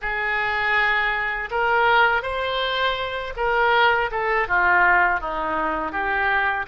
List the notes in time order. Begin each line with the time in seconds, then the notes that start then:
0.01 G#4
1.50 A#4
2.22 C5
3.36 A#4
4.11 A4
4.47 F4
5.20 D#4
5.92 G4